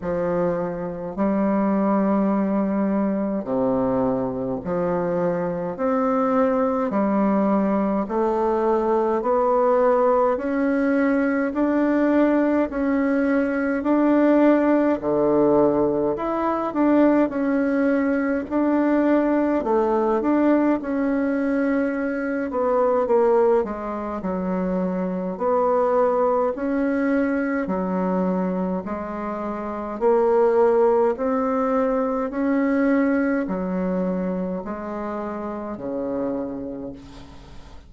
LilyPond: \new Staff \with { instrumentName = "bassoon" } { \time 4/4 \tempo 4 = 52 f4 g2 c4 | f4 c'4 g4 a4 | b4 cis'4 d'4 cis'4 | d'4 d4 e'8 d'8 cis'4 |
d'4 a8 d'8 cis'4. b8 | ais8 gis8 fis4 b4 cis'4 | fis4 gis4 ais4 c'4 | cis'4 fis4 gis4 cis4 | }